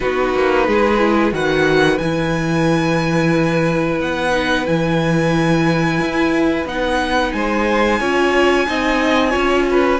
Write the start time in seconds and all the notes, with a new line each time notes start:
0.00 B3 D#4 F#4 B4
0.34 A#3
0.67 G#3 G#4
0.98 E4
1.31 D#3 F#4 B4 F#5
1.97 E3 E4 G#5
3.99 B3 F#5
4.31 D#4
4.66 E3 E4 G#5
6.00 E4
6.65 B3 D#4 F#5
7.32 G#3 C5 G#5
8.00 C#4 F4 C#5
8.66 C4 D#4 D#5
9.30 C#4 F4 C#5
9.70 B4